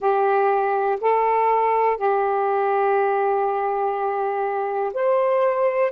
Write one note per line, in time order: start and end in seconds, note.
0.00 0.98 G4
1.01 1.97 A4
1.97 4.92 G4
4.93 5.91 C5